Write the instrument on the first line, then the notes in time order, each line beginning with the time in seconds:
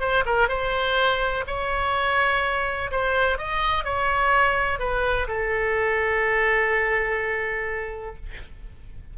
oboe
0.00 C5
0.26 A#4
0.48 C5
1.47 C#5
2.91 C5
3.38 D#5
3.84 C#5
4.79 B4
5.28 A4